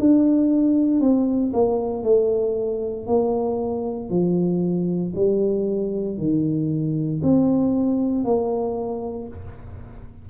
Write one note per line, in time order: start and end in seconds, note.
0.00 1.01 D4
1.01 1.53 C4
1.53 2.04 A#3
2.04 3.07 A3
3.07 4.10 A#3
4.10 5.13 F3
5.16 6.18 G3
6.18 7.22 D#3
7.23 8.25 C4
8.25 9.28 A#3